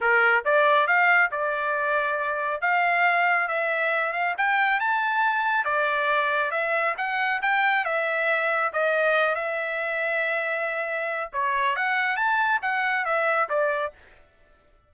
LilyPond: \new Staff \with { instrumentName = "trumpet" } { \time 4/4 \tempo 4 = 138 ais'4 d''4 f''4 d''4~ | d''2 f''2 | e''4. f''8 g''4 a''4~ | a''4 d''2 e''4 |
fis''4 g''4 e''2 | dis''4. e''2~ e''8~ | e''2 cis''4 fis''4 | a''4 fis''4 e''4 d''4 | }